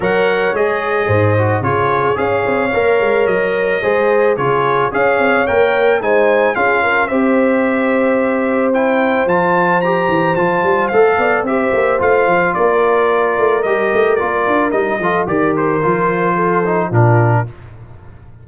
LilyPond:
<<
  \new Staff \with { instrumentName = "trumpet" } { \time 4/4 \tempo 4 = 110 fis''4 dis''2 cis''4 | f''2 dis''2 | cis''4 f''4 g''4 gis''4 | f''4 e''2. |
g''4 a''4 ais''4 a''4 | f''4 e''4 f''4 d''4~ | d''4 dis''4 d''4 dis''4 | d''8 c''2~ c''8 ais'4 | }
  \new Staff \with { instrumentName = "horn" } { \time 4/4 cis''2 c''4 gis'4 | cis''2. c''4 | gis'4 cis''2 c''4 | gis'8 ais'8 c''2.~ |
c''1~ | c''8 d''8 c''2 ais'4~ | ais'2.~ ais'8 a'8 | ais'2 a'4 f'4 | }
  \new Staff \with { instrumentName = "trombone" } { \time 4/4 ais'4 gis'4. fis'8 f'4 | gis'4 ais'2 gis'4 | f'4 gis'4 ais'4 dis'4 | f'4 g'2. |
e'4 f'4 g'4 f'4 | a'4 g'4 f'2~ | f'4 g'4 f'4 dis'8 f'8 | g'4 f'4. dis'8 d'4 | }
  \new Staff \with { instrumentName = "tuba" } { \time 4/4 fis4 gis4 gis,4 cis4 | cis'8 c'8 ais8 gis8 fis4 gis4 | cis4 cis'8 c'8 ais4 gis4 | cis'4 c'2.~ |
c'4 f4. e8 f8 g8 | a8 b8 c'8 ais8 a8 f8 ais4~ | ais8 a8 g8 a8 ais8 d'8 g8 f8 | dis4 f2 ais,4 | }
>>